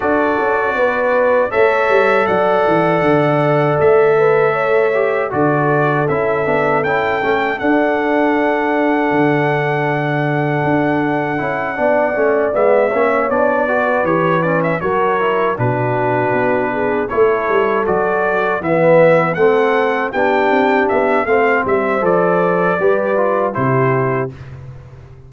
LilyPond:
<<
  \new Staff \with { instrumentName = "trumpet" } { \time 4/4 \tempo 4 = 79 d''2 e''4 fis''4~ | fis''4 e''2 d''4 | e''4 g''4 fis''2~ | fis''1~ |
fis''8 e''4 d''4 cis''8 d''16 e''16 cis''8~ | cis''8 b'2 cis''4 d''8~ | d''8 e''4 fis''4 g''4 e''8 | f''8 e''8 d''2 c''4 | }
  \new Staff \with { instrumentName = "horn" } { \time 4/4 a'4 b'4 cis''4 d''4~ | d''4. b'8 cis''4 a'4~ | a'1~ | a'2.~ a'8 d''8~ |
d''4 cis''4 b'4. ais'8~ | ais'8 fis'4. gis'8 a'4.~ | a'8 b'4 a'4 g'4. | c''2 b'4 g'4 | }
  \new Staff \with { instrumentName = "trombone" } { \time 4/4 fis'2 a'2~ | a'2~ a'8 g'8 fis'4 | e'8 d'8 e'8 cis'8 d'2~ | d'2. e'8 d'8 |
cis'8 b8 cis'8 d'8 fis'8 g'8 cis'8 fis'8 | e'8 d'2 e'4 fis'8~ | fis'8 b4 c'4 d'4. | c'4 a'4 g'8 f'8 e'4 | }
  \new Staff \with { instrumentName = "tuba" } { \time 4/4 d'8 cis'8 b4 a8 g8 fis8 e8 | d4 a2 d4 | cis'8 b8 cis'8 a8 d'2 | d2 d'4 cis'8 b8 |
a8 gis8 ais8 b4 e4 fis8~ | fis8 b,4 b4 a8 g8 fis8~ | fis8 e4 a4 b8 c'8 b8 | a8 g8 f4 g4 c4 | }
>>